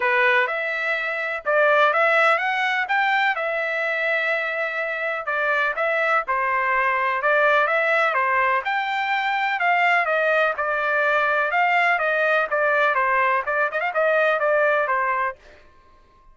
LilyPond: \new Staff \with { instrumentName = "trumpet" } { \time 4/4 \tempo 4 = 125 b'4 e''2 d''4 | e''4 fis''4 g''4 e''4~ | e''2. d''4 | e''4 c''2 d''4 |
e''4 c''4 g''2 | f''4 dis''4 d''2 | f''4 dis''4 d''4 c''4 | d''8 dis''16 f''16 dis''4 d''4 c''4 | }